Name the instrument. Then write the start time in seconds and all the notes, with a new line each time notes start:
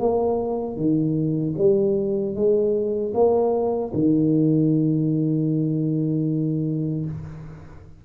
tuba
0.00 A#3
0.77 D#3
1.58 G3
2.35 G#3
3.14 A#3
3.94 D#3